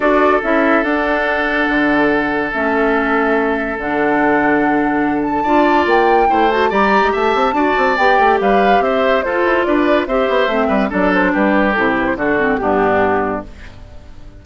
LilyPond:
<<
  \new Staff \with { instrumentName = "flute" } { \time 4/4 \tempo 4 = 143 d''4 e''4 fis''2~ | fis''2 e''2~ | e''4 fis''2.~ | fis''8 a''4. g''4. a''8 |
ais''4 a''2 g''4 | f''4 e''4 c''4 d''4 | e''2 d''8 c''8 b'4 | a'8 b'16 c''16 a'4 g'2 | }
  \new Staff \with { instrumentName = "oboe" } { \time 4/4 a'1~ | a'1~ | a'1~ | a'4 d''2 c''4 |
d''4 e''4 d''2 | b'4 c''4 a'4 b'4 | c''4. b'8 a'4 g'4~ | g'4 fis'4 d'2 | }
  \new Staff \with { instrumentName = "clarinet" } { \time 4/4 fis'4 e'4 d'2~ | d'2 cis'2~ | cis'4 d'2.~ | d'4 f'2 e'8 fis'8 |
g'2 fis'4 g'4~ | g'2 f'2 | g'4 c'4 d'2 | e'4 d'8 c'8 b2 | }
  \new Staff \with { instrumentName = "bassoon" } { \time 4/4 d'4 cis'4 d'2 | d2 a2~ | a4 d2.~ | d4 d'4 ais4 a4 |
g8. gis16 a8 c'8 d'8 c'8 b8 a8 | g4 c'4 f'8 e'8 d'4 | c'8 b8 a8 g8 fis4 g4 | c4 d4 g,2 | }
>>